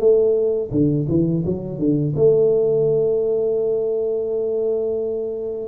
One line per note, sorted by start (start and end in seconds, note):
0.00 0.71 A3
0.72 1.07 D3
1.09 1.44 E3
1.46 1.79 F#3
1.79 2.14 D3
2.16 5.68 A3